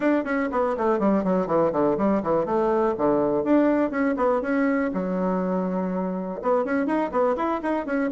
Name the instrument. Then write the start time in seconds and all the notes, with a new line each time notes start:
bassoon
0.00 D4
0.24 C#4
0.51 B3
0.77 A3
0.99 G3
1.24 F#3
1.46 E3
1.72 D3
1.97 G3
2.22 E3
2.45 A3
2.97 D3
3.44 D4
3.90 C#4
4.16 B3
4.41 C#4
4.93 F#3
6.42 B3
6.64 C#4
6.86 D#4
7.11 B3
7.36 E4
7.62 D#4
7.86 C#4